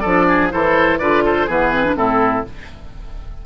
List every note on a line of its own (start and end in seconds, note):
0.00 0.54 F3
0.00 0.26 A4
0.00 0.48 D5
0.06 0.51 D4
0.29 0.53 G#4
0.51 1.01 E3
0.51 1.00 E4
0.51 1.00 A4
0.51 0.99 C5
0.99 1.48 D3
0.99 1.49 F4
0.99 1.24 B4
0.99 1.23 D5
1.25 1.47 A4
1.25 1.50 C5
1.47 1.97 E3
1.47 1.73 B3
1.47 1.95 G#4
1.47 1.97 B4
1.73 1.85 C4
1.85 1.96 D4
1.96 2.45 A2
1.96 2.45 C4
1.96 2.46 E4
1.96 2.45 A4